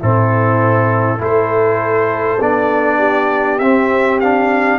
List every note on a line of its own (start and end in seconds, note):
0.00 1.21 A2
0.00 1.19 C4
0.00 1.20 E4
0.00 1.22 A4
1.19 2.41 A3
1.19 2.39 E4
1.19 2.98 A4
1.19 2.43 C5
2.41 3.60 B3
2.41 3.61 D4
2.41 3.59 D5
2.98 4.79 G4
3.59 4.79 C4
3.59 4.22 C4
3.59 4.19 E5
4.20 4.79 D4
4.20 4.79 F5